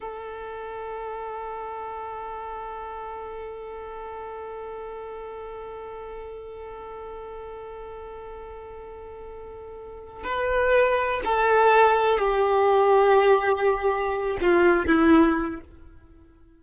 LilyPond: \new Staff \with { instrumentName = "violin" } { \time 4/4 \tempo 4 = 123 a'1~ | a'1~ | a'1~ | a'1~ |
a'1~ | a'4 b'2 a'4~ | a'4 g'2.~ | g'4. f'4 e'4. | }